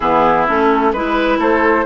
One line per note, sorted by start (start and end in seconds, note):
0.00 0.47 E3
0.00 0.48 B3
0.00 0.92 E4
0.00 0.46 G#4
0.48 0.93 A3
0.48 0.94 C#4
0.48 0.92 A4
0.92 1.38 G#3
0.92 1.85 E4
0.92 1.39 B4
1.38 1.84 A3
1.38 1.85 A4
1.38 1.85 C5